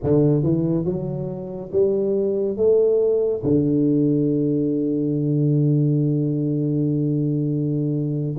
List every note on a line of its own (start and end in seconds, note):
0.03 0.43 D3
0.43 0.85 E3
0.85 1.70 F#3
1.72 2.56 G3
2.56 3.42 A3
3.43 8.36 D3